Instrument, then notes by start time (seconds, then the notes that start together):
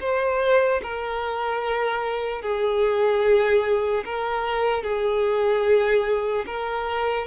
violin
0.00 C5
0.83 A#4
2.41 G#4
4.05 A#4
4.83 G#4
6.46 A#4